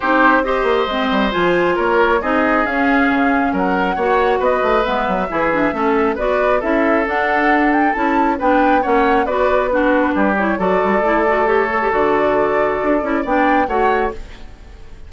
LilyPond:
<<
  \new Staff \with { instrumentName = "flute" } { \time 4/4 \tempo 4 = 136 c''4 dis''2 gis''4 | cis''4 dis''4 f''2 | fis''2 dis''4 e''4~ | e''2 d''4 e''4 |
fis''4. g''8 a''4 g''4 | fis''4 d''4 b'4. cis''8 | d''2 cis''4 d''4~ | d''2 g''4 fis''4 | }
  \new Staff \with { instrumentName = "oboe" } { \time 4/4 g'4 c''2. | ais'4 gis'2. | ais'4 cis''4 b'2 | gis'4 a'4 b'4 a'4~ |
a'2. b'4 | cis''4 b'4 fis'4 g'4 | a'1~ | a'2 d''4 cis''4 | }
  \new Staff \with { instrumentName = "clarinet" } { \time 4/4 dis'4 g'4 c'4 f'4~ | f'4 dis'4 cis'2~ | cis'4 fis'2 b4 | e'8 d'8 cis'4 fis'4 e'4 |
d'2 e'4 d'4 | cis'4 fis'4 d'4. e'8 | fis'4 e'8 fis'8 g'8 a'16 g'16 fis'4~ | fis'4. e'8 d'4 fis'4 | }
  \new Staff \with { instrumentName = "bassoon" } { \time 4/4 c'4. ais8 gis8 g8 f4 | ais4 c'4 cis'4 cis4 | fis4 ais4 b8 a8 gis8 fis8 | e4 a4 b4 cis'4 |
d'2 cis'4 b4 | ais4 b2 g4 | fis8 g8 a2 d4~ | d4 d'8 cis'8 b4 a4 | }
>>